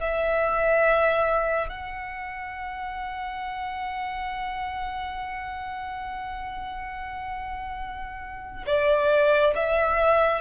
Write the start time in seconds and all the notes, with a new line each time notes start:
0.00 E5
1.69 F#5
8.66 D5
9.55 E5